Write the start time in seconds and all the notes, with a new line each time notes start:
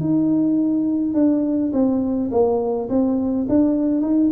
0.00 D#4
1.14 D4
1.73 C4
2.31 A#3
2.90 C4
3.49 D4
4.01 D#4